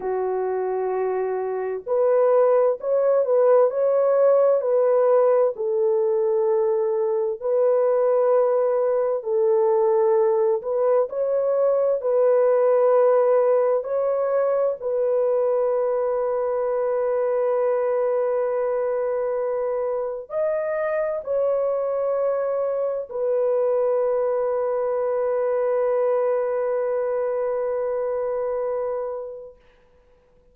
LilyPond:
\new Staff \with { instrumentName = "horn" } { \time 4/4 \tempo 4 = 65 fis'2 b'4 cis''8 b'8 | cis''4 b'4 a'2 | b'2 a'4. b'8 | cis''4 b'2 cis''4 |
b'1~ | b'2 dis''4 cis''4~ | cis''4 b'2.~ | b'1 | }